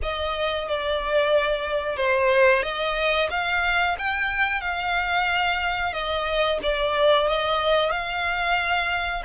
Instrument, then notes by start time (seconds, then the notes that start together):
violin
0.02 D#5
0.68 D5
1.97 C5
2.62 D#5
3.30 F5
3.98 G5
4.60 F5
5.93 D#5
6.63 D5
7.27 D#5
7.90 F5